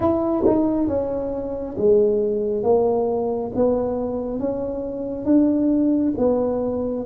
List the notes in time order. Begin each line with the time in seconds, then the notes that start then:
0.00 E4
0.45 D#4
0.87 C#4
1.77 G#3
2.63 A#3
3.55 B3
4.39 C#4
5.25 D4
6.17 B3